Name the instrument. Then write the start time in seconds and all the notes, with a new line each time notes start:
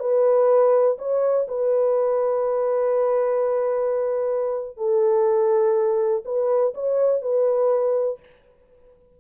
horn
0.00 B4
0.98 C#5
1.48 B4
4.77 A4
6.25 B4
6.74 C#5
7.22 B4